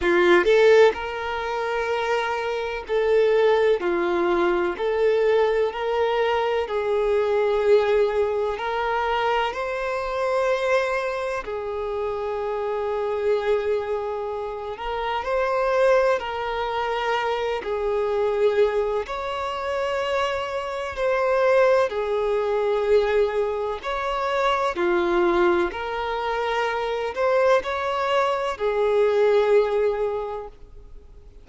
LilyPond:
\new Staff \with { instrumentName = "violin" } { \time 4/4 \tempo 4 = 63 f'8 a'8 ais'2 a'4 | f'4 a'4 ais'4 gis'4~ | gis'4 ais'4 c''2 | gis'2.~ gis'8 ais'8 |
c''4 ais'4. gis'4. | cis''2 c''4 gis'4~ | gis'4 cis''4 f'4 ais'4~ | ais'8 c''8 cis''4 gis'2 | }